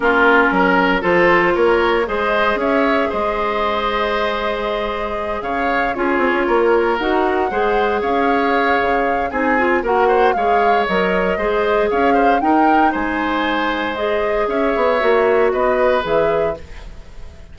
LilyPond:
<<
  \new Staff \with { instrumentName = "flute" } { \time 4/4 \tempo 4 = 116 ais'2 c''4 cis''4 | dis''4 e''4 dis''2~ | dis''2~ dis''8 f''4 cis''8~ | cis''4. fis''2 f''8~ |
f''2 gis''4 fis''4 | f''4 dis''2 f''4 | g''4 gis''2 dis''4 | e''2 dis''4 e''4 | }
  \new Staff \with { instrumentName = "oboe" } { \time 4/4 f'4 ais'4 a'4 ais'4 | c''4 cis''4 c''2~ | c''2~ c''8 cis''4 gis'8~ | gis'8 ais'2 c''4 cis''8~ |
cis''2 gis'4 ais'8 c''8 | cis''2 c''4 cis''8 c''8 | ais'4 c''2. | cis''2 b'2 | }
  \new Staff \with { instrumentName = "clarinet" } { \time 4/4 cis'2 f'2 | gis'1~ | gis'2.~ gis'8 f'8~ | f'4. fis'4 gis'4.~ |
gis'2 dis'8 f'8 fis'4 | gis'4 ais'4 gis'2 | dis'2. gis'4~ | gis'4 fis'2 gis'4 | }
  \new Staff \with { instrumentName = "bassoon" } { \time 4/4 ais4 fis4 f4 ais4 | gis4 cis'4 gis2~ | gis2~ gis8 cis4 cis'8 | c'16 cis'16 ais4 dis'4 gis4 cis'8~ |
cis'4 cis4 c'4 ais4 | gis4 fis4 gis4 cis'4 | dis'4 gis2. | cis'8 b8 ais4 b4 e4 | }
>>